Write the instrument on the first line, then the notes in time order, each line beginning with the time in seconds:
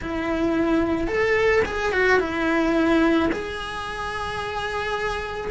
cello
0.01 E4
1.07 A4
1.65 G#4
1.92 F#4
2.19 E4
3.32 G#4